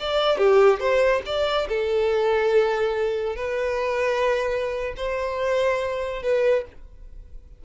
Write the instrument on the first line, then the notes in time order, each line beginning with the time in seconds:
violin
0.00 D5
0.38 G4
0.80 C5
1.26 D5
1.69 A4
3.36 B4
4.97 C5
6.23 B4